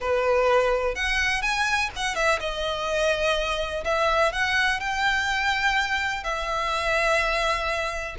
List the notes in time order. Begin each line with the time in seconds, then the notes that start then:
0.00 B4
0.95 F#5
1.41 G#5
1.96 F#5
2.15 E5
2.40 D#5
3.84 E5
4.32 F#5
4.80 G5
6.23 E5